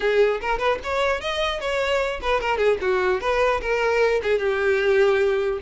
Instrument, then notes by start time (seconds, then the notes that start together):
violin
0.00 G#4
0.41 A#4
0.59 B4
0.83 C#5
1.20 D#5
1.60 C#5
2.21 B4
2.41 A#4
2.57 G#4
2.81 F#4
3.20 B4
3.61 A#4
4.22 G#4
4.39 G4